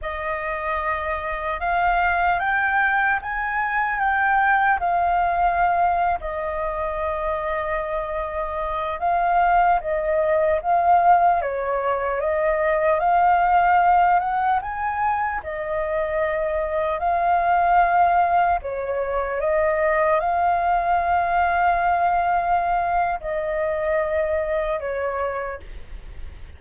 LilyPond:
\new Staff \with { instrumentName = "flute" } { \time 4/4 \tempo 4 = 75 dis''2 f''4 g''4 | gis''4 g''4 f''4.~ f''16 dis''16~ | dis''2.~ dis''16 f''8.~ | f''16 dis''4 f''4 cis''4 dis''8.~ |
dis''16 f''4. fis''8 gis''4 dis''8.~ | dis''4~ dis''16 f''2 cis''8.~ | cis''16 dis''4 f''2~ f''8.~ | f''4 dis''2 cis''4 | }